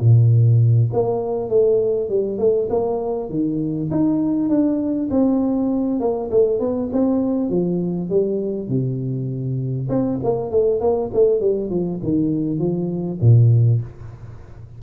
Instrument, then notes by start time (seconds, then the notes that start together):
tuba
0.00 A#2
0.92 A#3
1.49 A3
2.09 G3
2.38 A3
2.69 A#3
3.29 D#3
3.91 D#4
4.49 D4
5.10 C4
6.00 A#3
6.31 A3
6.59 B3
6.92 C4
7.50 F3
8.09 G3
8.68 C3
9.89 C4
10.23 A#3
10.51 A3
10.80 A#3
11.14 A3
11.40 G3
11.70 F3
12.03 D#3
12.59 F3
13.21 A#2